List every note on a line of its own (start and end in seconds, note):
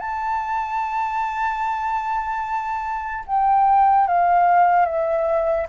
0.00 3.24 A5
3.27 4.08 G5
4.08 4.86 F5
4.86 5.67 E5